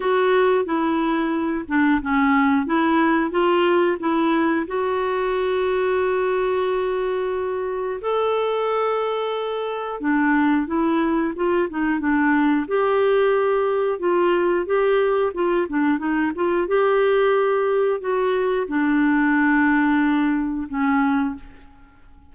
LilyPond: \new Staff \with { instrumentName = "clarinet" } { \time 4/4 \tempo 4 = 90 fis'4 e'4. d'8 cis'4 | e'4 f'4 e'4 fis'4~ | fis'1 | a'2. d'4 |
e'4 f'8 dis'8 d'4 g'4~ | g'4 f'4 g'4 f'8 d'8 | dis'8 f'8 g'2 fis'4 | d'2. cis'4 | }